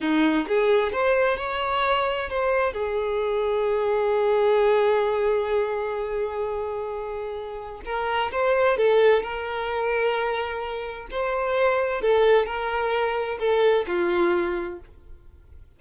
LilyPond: \new Staff \with { instrumentName = "violin" } { \time 4/4 \tempo 4 = 130 dis'4 gis'4 c''4 cis''4~ | cis''4 c''4 gis'2~ | gis'1~ | gis'1~ |
gis'4 ais'4 c''4 a'4 | ais'1 | c''2 a'4 ais'4~ | ais'4 a'4 f'2 | }